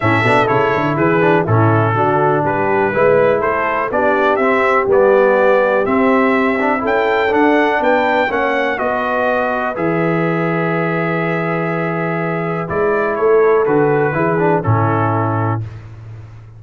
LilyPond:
<<
  \new Staff \with { instrumentName = "trumpet" } { \time 4/4 \tempo 4 = 123 e''4 cis''4 b'4 a'4~ | a'4 b'2 c''4 | d''4 e''4 d''2 | e''2 g''4 fis''4 |
g''4 fis''4 dis''2 | e''1~ | e''2 d''4 cis''4 | b'2 a'2 | }
  \new Staff \with { instrumentName = "horn" } { \time 4/4 a'2 gis'4 e'4 | fis'4 g'4 b'4 a'4 | g'1~ | g'2 a'2 |
b'4 cis''4 b'2~ | b'1~ | b'2. a'4~ | a'4 gis'4 e'2 | }
  \new Staff \with { instrumentName = "trombone" } { \time 4/4 cis'8 d'8 e'4. d'8 cis'4 | d'2 e'2 | d'4 c'4 b2 | c'4. d'8 e'4 d'4~ |
d'4 cis'4 fis'2 | gis'1~ | gis'2 e'2 | fis'4 e'8 d'8 cis'2 | }
  \new Staff \with { instrumentName = "tuba" } { \time 4/4 a,8 b,8 cis8 d8 e4 a,4 | d4 g4 gis4 a4 | b4 c'4 g2 | c'2 cis'4 d'4 |
b4 ais4 b2 | e1~ | e2 gis4 a4 | d4 e4 a,2 | }
>>